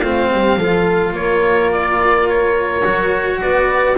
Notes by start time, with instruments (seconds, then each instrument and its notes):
0.00 double bass A3, cello C4, horn F4, oboe F5
0.32 double bass G3, horn G4
0.57 double bass F3, cello F4, horn A4
1.12 double bass A#3, horn A#4, oboe C#5
1.72 oboe D5
2.29 oboe C#5
2.83 double bass F#3, cello F#4
3.41 double bass B3, horn B4, oboe D5